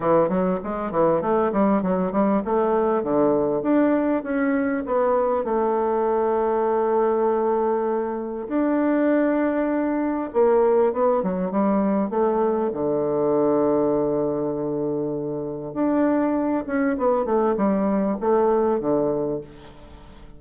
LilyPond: \new Staff \with { instrumentName = "bassoon" } { \time 4/4 \tempo 4 = 99 e8 fis8 gis8 e8 a8 g8 fis8 g8 | a4 d4 d'4 cis'4 | b4 a2.~ | a2 d'2~ |
d'4 ais4 b8 fis8 g4 | a4 d2.~ | d2 d'4. cis'8 | b8 a8 g4 a4 d4 | }